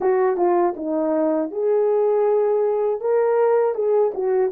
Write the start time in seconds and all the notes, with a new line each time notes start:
0.00 F#4
0.36 F4
0.76 D#4
1.51 G#4
3.00 A#4
3.74 G#4
4.14 F#4